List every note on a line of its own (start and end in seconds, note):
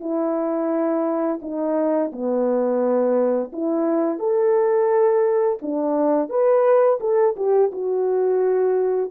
0.00 1.40 E4
1.41 2.11 D#4
2.12 3.51 B3
3.52 4.19 E4
4.19 5.58 A4
5.62 6.29 D4
6.29 6.99 B4
7.00 7.35 A4
7.36 7.71 G4
7.72 9.10 F#4